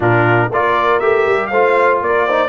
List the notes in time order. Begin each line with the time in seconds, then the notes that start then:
0.00 A#2 D4 F4 A#4
0.51 A#3 F4 A#4 D5
0.99 A3 G4 E5
1.26 G3
1.47 A3 C5 F5
1.53 F4
2.01 A#3 A#4 D5
2.25 D#4 C5